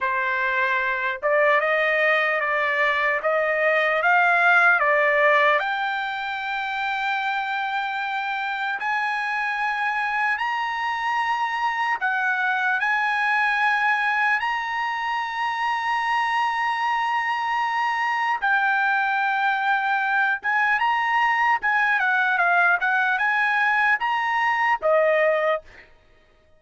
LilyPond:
\new Staff \with { instrumentName = "trumpet" } { \time 4/4 \tempo 4 = 75 c''4. d''8 dis''4 d''4 | dis''4 f''4 d''4 g''4~ | g''2. gis''4~ | gis''4 ais''2 fis''4 |
gis''2 ais''2~ | ais''2. g''4~ | g''4. gis''8 ais''4 gis''8 fis''8 | f''8 fis''8 gis''4 ais''4 dis''4 | }